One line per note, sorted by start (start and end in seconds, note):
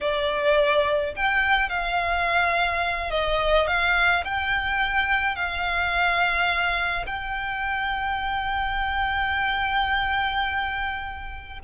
0.01 1.14 D5
1.16 1.69 G5
1.69 3.10 F5
3.10 3.67 D#5
3.67 4.23 F5
4.24 5.35 G5
5.35 7.05 F5
7.06 11.59 G5